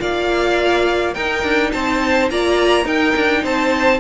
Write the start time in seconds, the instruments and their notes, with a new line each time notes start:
0.00 cello A#3, viola F4, violin D5 F5
1.14 cello D#4, viola D#4, violin A#4 G5
1.44 cello D4
1.72 cello C4, violin C5 A5
2.30 cello A#3, viola F4, violin D5 A#5
2.84 viola D#4, cello D#4, violin A#4 G5
3.17 cello D4
3.43 cello C4, violin C5 A5